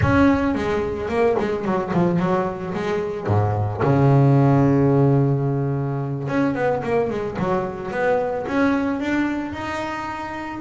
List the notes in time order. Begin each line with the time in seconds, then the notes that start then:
0.01 C#4
0.55 G#3
1.08 A#3
1.39 G#3
1.64 F#3
1.93 F3
2.19 F#3
2.74 G#3
3.26 G#2
3.82 C#3
6.28 C#4
6.55 B3
6.83 A#3
7.09 G#3
7.38 F#3
7.91 B3
8.47 C#4
9.00 D4
9.52 D#4